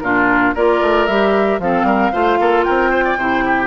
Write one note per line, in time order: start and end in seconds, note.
0.00 0.55 A#2
0.00 0.56 D4
0.00 0.55 F4
0.00 0.53 A#4
0.55 0.82 A#3
0.55 1.09 F4
0.55 1.60 A#4
0.55 1.07 D5
0.82 1.08 A3
1.07 1.59 G3
1.07 1.61 G4
1.07 1.59 E5
1.59 1.84 F3
1.59 2.13 C4
1.59 1.86 A4
1.59 2.64 F5
1.84 2.10 G3
1.84 2.12 A#4
2.12 2.40 A3
2.12 3.18 F4
2.12 2.39 C5
2.40 2.66 A#3
2.40 2.66 A4
2.64 3.17 C4
2.64 2.91 A#4
2.64 3.68 G5
2.91 3.04 C5
3.05 3.18 D5
3.17 3.68 C3
3.17 3.68 E4
3.17 3.45 C5
3.46 3.68 G4